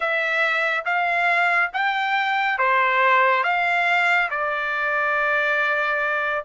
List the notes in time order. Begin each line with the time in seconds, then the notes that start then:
0.00 E5
0.85 F5
1.73 G5
2.58 C5
3.43 F5
4.30 D5